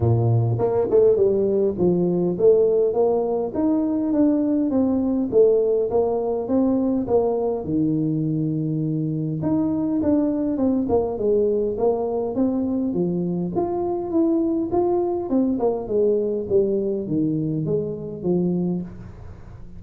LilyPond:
\new Staff \with { instrumentName = "tuba" } { \time 4/4 \tempo 4 = 102 ais,4 ais8 a8 g4 f4 | a4 ais4 dis'4 d'4 | c'4 a4 ais4 c'4 | ais4 dis2. |
dis'4 d'4 c'8 ais8 gis4 | ais4 c'4 f4 f'4 | e'4 f'4 c'8 ais8 gis4 | g4 dis4 gis4 f4 | }